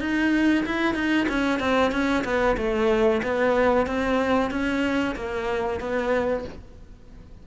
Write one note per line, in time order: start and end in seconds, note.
0.00 0.65 D#4
0.66 0.94 E4
0.94 1.27 D#4
1.29 1.60 C#4
1.60 1.91 C4
1.91 2.24 C#4
2.24 2.56 B3
2.57 3.22 A3
3.23 3.87 B3
3.87 4.51 C4
4.51 5.15 C#4
5.16 5.80 A#3
5.80 6.45 B3